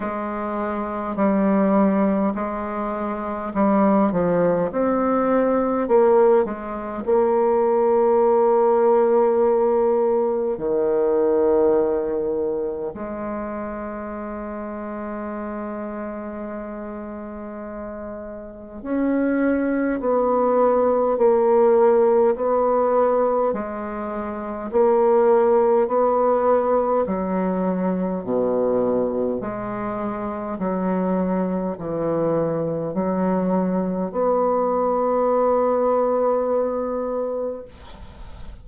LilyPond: \new Staff \with { instrumentName = "bassoon" } { \time 4/4 \tempo 4 = 51 gis4 g4 gis4 g8 f8 | c'4 ais8 gis8 ais2~ | ais4 dis2 gis4~ | gis1 |
cis'4 b4 ais4 b4 | gis4 ais4 b4 fis4 | b,4 gis4 fis4 e4 | fis4 b2. | }